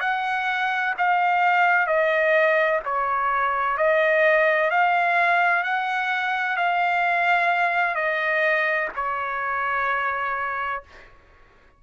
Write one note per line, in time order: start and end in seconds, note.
0.00 0.94 F#5
0.98 1.86 F5
1.86 2.80 D#5
2.85 3.77 C#5
3.77 4.70 D#5
4.70 5.63 F5
5.63 6.56 F#5
6.56 7.95 F5
7.95 8.88 D#5
8.95 10.82 C#5